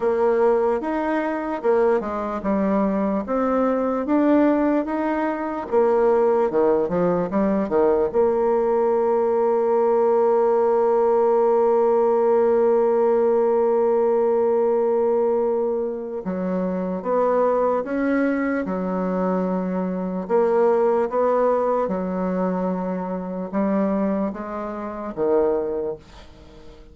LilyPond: \new Staff \with { instrumentName = "bassoon" } { \time 4/4 \tempo 4 = 74 ais4 dis'4 ais8 gis8 g4 | c'4 d'4 dis'4 ais4 | dis8 f8 g8 dis8 ais2~ | ais1~ |
ais1 | fis4 b4 cis'4 fis4~ | fis4 ais4 b4 fis4~ | fis4 g4 gis4 dis4 | }